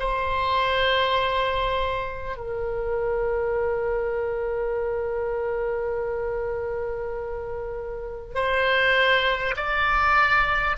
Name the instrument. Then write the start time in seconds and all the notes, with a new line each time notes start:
oboe
0.00 C5
2.37 A#4
8.35 C5
9.57 D5